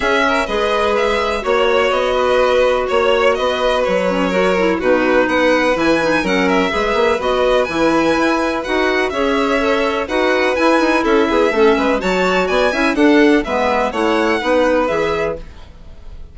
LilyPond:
<<
  \new Staff \with { instrumentName = "violin" } { \time 4/4 \tempo 4 = 125 e''4 dis''4 e''4 cis''4 | dis''2 cis''4 dis''4 | cis''2 b'4 fis''4 | gis''4 fis''8 e''4. dis''4 |
gis''2 fis''4 e''4~ | e''4 fis''4 gis''4 e''4~ | e''4 a''4 gis''4 fis''4 | e''4 fis''2 e''4 | }
  \new Staff \with { instrumentName = "violin" } { \time 4/4 gis'8 ais'8 b'2 cis''4~ | cis''8 b'4. cis''4 b'4~ | b'4 ais'4 fis'4 b'4~ | b'4 ais'4 b'2~ |
b'2. cis''4~ | cis''4 b'2 a'8 gis'8 | a'8 b'8 cis''4 d''8 e''8 a'4 | b'4 cis''4 b'2 | }
  \new Staff \with { instrumentName = "clarinet" } { \time 4/4 cis'4 gis'2 fis'4~ | fis'1~ | fis'8 cis'8 fis'8 e'8 dis'2 | e'8 dis'8 cis'4 gis'4 fis'4 |
e'2 fis'4 gis'4 | a'4 fis'4 e'2 | cis'4 fis'4. e'8 d'4 | b4 e'4 dis'4 gis'4 | }
  \new Staff \with { instrumentName = "bassoon" } { \time 4/4 cis'4 gis2 ais4 | b2 ais4 b4 | fis2 b,4 b4 | e4 fis4 gis8 ais8 b4 |
e4 e'4 dis'4 cis'4~ | cis'4 dis'4 e'8 dis'8 cis'8 b8 | a8 gis8 fis4 b8 cis'8 d'4 | gis4 a4 b4 e4 | }
>>